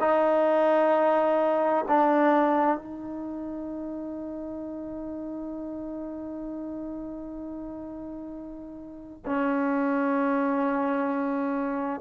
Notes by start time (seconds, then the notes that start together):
0.00 D#4
1.88 D4
2.77 D#4
9.26 C#4